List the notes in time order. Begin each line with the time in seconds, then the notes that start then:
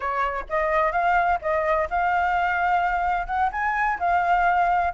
0.00 C#5
0.49 D#5
0.91 F5
1.41 D#5
1.89 F5
3.26 F#5
3.52 G#5
3.99 F5